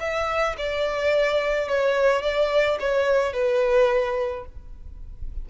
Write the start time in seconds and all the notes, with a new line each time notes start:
0.00 E5
0.58 D5
1.68 C#5
2.22 D5
2.80 C#5
3.33 B4